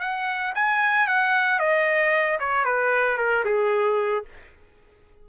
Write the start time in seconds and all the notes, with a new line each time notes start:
0.00 F#5
0.55 G#5
1.07 F#5
1.59 D#5
2.40 C#5
2.65 B4
3.18 A#4
3.45 G#4